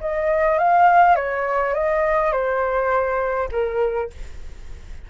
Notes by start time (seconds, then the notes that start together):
0.00 D#5
0.58 F5
1.15 C#5
1.73 D#5
2.32 C5
3.51 A#4